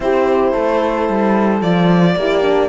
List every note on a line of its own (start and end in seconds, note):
0.00 0.52 C4
0.00 1.62 E4
0.00 0.53 G4
0.00 1.61 C5
0.53 1.08 A3
0.53 2.15 A4
1.08 1.61 G3
1.61 2.15 F3
1.61 2.16 F4
1.61 2.69 D5
2.15 2.69 A#3
2.15 2.42 E4
2.15 2.69 G4
2.42 2.69 D4